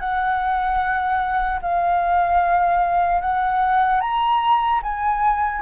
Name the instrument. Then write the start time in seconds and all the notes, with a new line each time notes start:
flute
0.00 F#5
1.62 F5
3.21 F#5
4.00 A#5
4.83 G#5